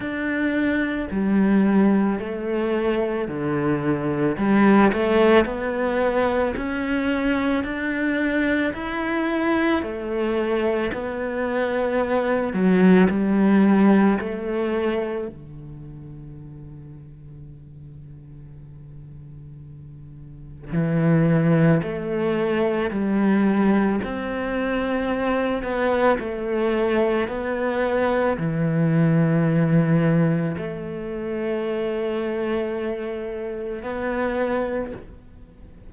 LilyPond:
\new Staff \with { instrumentName = "cello" } { \time 4/4 \tempo 4 = 55 d'4 g4 a4 d4 | g8 a8 b4 cis'4 d'4 | e'4 a4 b4. fis8 | g4 a4 d2~ |
d2. e4 | a4 g4 c'4. b8 | a4 b4 e2 | a2. b4 | }